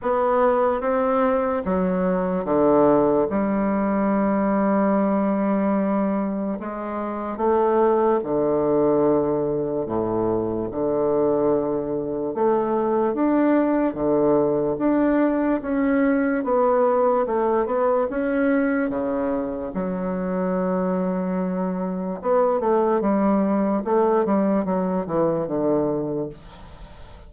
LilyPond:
\new Staff \with { instrumentName = "bassoon" } { \time 4/4 \tempo 4 = 73 b4 c'4 fis4 d4 | g1 | gis4 a4 d2 | a,4 d2 a4 |
d'4 d4 d'4 cis'4 | b4 a8 b8 cis'4 cis4 | fis2. b8 a8 | g4 a8 g8 fis8 e8 d4 | }